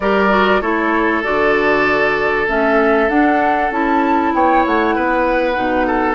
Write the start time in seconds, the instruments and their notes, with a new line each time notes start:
0.00 bassoon G3, clarinet G4, oboe A#4, flute D5
0.30 clarinet F#4
0.61 bassoon A3, clarinet E4, oboe A4, flute C#5
1.23 bassoon D3, clarinet F#4, flute D5
2.47 bassoon A3, clarinet C#4, flute E5
3.08 bassoon D4, clarinet D4, flute F#5
3.70 bassoon C#4, clarinet E4, flute A5
4.33 bassoon B3, oboe C#5, flute G5
4.66 bassoon A3, flute F#5
4.95 bassoon B3, oboe B4
5.55 bassoon B2, clarinet D#4
5.86 oboe A4